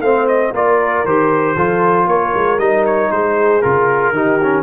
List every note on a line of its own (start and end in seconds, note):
0.00 0.51 A3
0.00 0.54 C4
0.00 0.53 C5
0.00 0.27 F5
0.27 0.53 D#5
0.52 1.04 A#3
0.52 1.06 F4
0.52 1.55 A#4
0.52 1.06 D5
1.04 1.55 D#3
1.04 1.57 G4
1.04 2.08 C5
1.55 2.07 F3
1.55 2.59 F4
1.55 2.06 A4
2.07 2.32 A#3
2.07 3.12 A#4
2.07 2.59 C#5
2.34 2.58 G#3
2.58 3.09 G3
2.58 3.62 D#4
2.58 2.84 D#5
2.85 3.11 C#5
3.11 3.62 G#3
3.11 4.14 G#4
3.11 3.62 C5
3.62 4.11 C#3
3.62 4.14 F4
3.62 4.62 A#4
4.11 4.62 D#3
4.11 4.40 D#4
4.11 4.62 G4
4.43 4.62 C#4